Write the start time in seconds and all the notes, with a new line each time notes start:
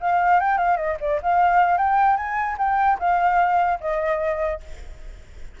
0.00 F5
0.40 G5
0.57 F5
0.76 D#5
1.00 D5
1.22 F5
1.77 G5
2.16 G#5
2.57 G5
2.99 F5
3.80 D#5